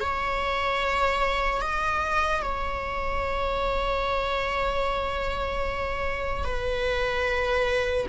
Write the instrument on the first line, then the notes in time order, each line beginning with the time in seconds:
viola
0.00 C#5
1.61 D#5
2.42 C#5
6.44 B4